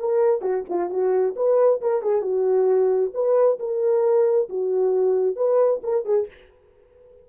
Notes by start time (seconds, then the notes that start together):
0.00 A#4
0.42 F#4
0.70 F4
0.90 F#4
1.36 B4
1.82 A#4
2.02 G#4
2.22 F#4
3.14 B4
3.59 A#4
4.49 F#4
5.36 B4
5.84 A#4
6.05 G#4